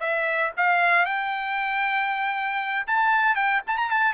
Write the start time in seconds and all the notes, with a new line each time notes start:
0.00 E5
0.57 F5
1.05 G5
2.87 A5
3.35 G5
3.67 A5
3.77 A#5
3.90 A5